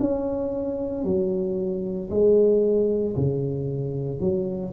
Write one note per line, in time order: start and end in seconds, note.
0.00 1.05 C#4
1.05 2.10 F#3
2.11 3.16 G#3
3.17 4.21 C#3
4.21 4.74 F#3